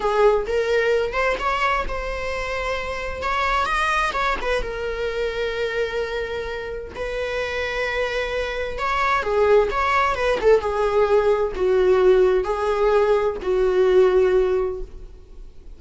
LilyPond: \new Staff \with { instrumentName = "viola" } { \time 4/4 \tempo 4 = 130 gis'4 ais'4. c''8 cis''4 | c''2. cis''4 | dis''4 cis''8 b'8 ais'2~ | ais'2. b'4~ |
b'2. cis''4 | gis'4 cis''4 b'8 a'8 gis'4~ | gis'4 fis'2 gis'4~ | gis'4 fis'2. | }